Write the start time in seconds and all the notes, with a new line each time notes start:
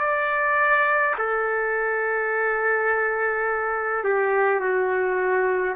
0.00 D5
1.19 A4
4.04 G4
4.61 F#4